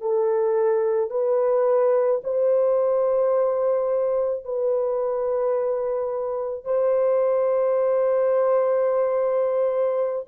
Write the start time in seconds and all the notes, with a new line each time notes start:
0.00 A4
1.10 B4
2.23 C5
4.44 B4
6.64 C5